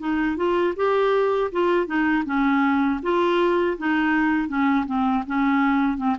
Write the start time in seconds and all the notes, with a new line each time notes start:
0.00 D#4
0.37 F4
0.76 G4
1.52 F4
1.87 D#4
2.26 C#4
3.03 F4
3.78 D#4
4.48 C#4
4.86 C4
5.27 C#4
5.98 C4